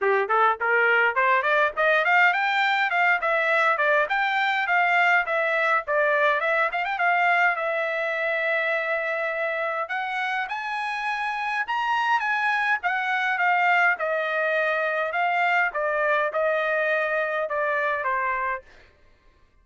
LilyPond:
\new Staff \with { instrumentName = "trumpet" } { \time 4/4 \tempo 4 = 103 g'8 a'8 ais'4 c''8 d''8 dis''8 f''8 | g''4 f''8 e''4 d''8 g''4 | f''4 e''4 d''4 e''8 f''16 g''16 | f''4 e''2.~ |
e''4 fis''4 gis''2 | ais''4 gis''4 fis''4 f''4 | dis''2 f''4 d''4 | dis''2 d''4 c''4 | }